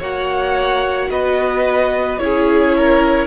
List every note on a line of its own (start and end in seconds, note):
0.00 1.10 A#3
0.00 2.20 F#4
0.00 1.09 C#5
0.00 1.11 F#5
1.10 2.20 B3
1.10 2.21 B4
1.10 2.19 D#5
2.19 3.28 C#4
2.19 3.28 E4
2.19 2.77 G#4
2.19 3.28 C#5
2.77 3.28 A#4